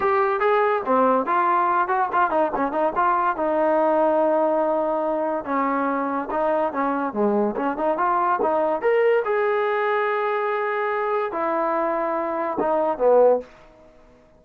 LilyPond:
\new Staff \with { instrumentName = "trombone" } { \time 4/4 \tempo 4 = 143 g'4 gis'4 c'4 f'4~ | f'8 fis'8 f'8 dis'8 cis'8 dis'8 f'4 | dis'1~ | dis'4 cis'2 dis'4 |
cis'4 gis4 cis'8 dis'8 f'4 | dis'4 ais'4 gis'2~ | gis'2. e'4~ | e'2 dis'4 b4 | }